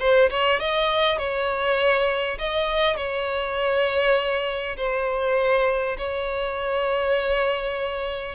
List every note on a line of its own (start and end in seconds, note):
0.00 0.30 C5
0.30 0.60 C#5
0.60 1.18 D#5
1.18 2.38 C#5
2.39 2.97 D#5
2.97 4.77 C#5
4.77 5.97 C5
5.98 8.35 C#5